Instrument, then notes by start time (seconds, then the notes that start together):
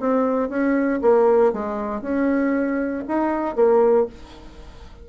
bassoon
0.00 C4
0.49 C#4
1.02 A#3
1.53 G#3
2.02 C#4
3.08 D#4
3.56 A#3